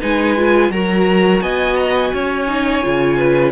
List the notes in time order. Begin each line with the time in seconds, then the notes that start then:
0.00 G#3 D#4 B4 G#5
0.37 F4
0.70 F#3 F#4 A#4 A#5
1.42 B3 D#5 G#5
1.77 A#5
1.95 G#5
2.14 C#4 C#5
2.48 D#4
2.83 C#3 F4
3.18 B4